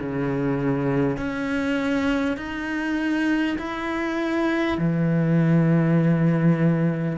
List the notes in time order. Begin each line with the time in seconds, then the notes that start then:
0.00 C#3
1.18 C#4
2.38 D#4
3.58 E4
4.78 E3